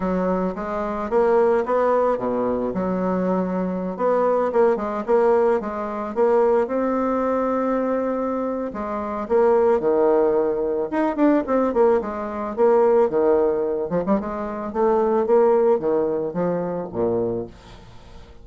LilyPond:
\new Staff \with { instrumentName = "bassoon" } { \time 4/4 \tempo 4 = 110 fis4 gis4 ais4 b4 | b,4 fis2~ fis16 b8.~ | b16 ais8 gis8 ais4 gis4 ais8.~ | ais16 c'2.~ c'8. |
gis4 ais4 dis2 | dis'8 d'8 c'8 ais8 gis4 ais4 | dis4. f16 g16 gis4 a4 | ais4 dis4 f4 ais,4 | }